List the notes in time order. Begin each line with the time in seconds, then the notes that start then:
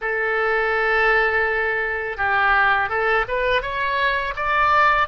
0.01 A4
2.17 G4
2.89 A4
3.28 B4
3.61 C#5
4.36 D5